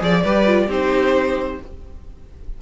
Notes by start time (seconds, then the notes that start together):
0.00 F3 G#4 D5
0.23 G3 G4 B4
0.46 F4
0.67 C4 D#4 G4 C5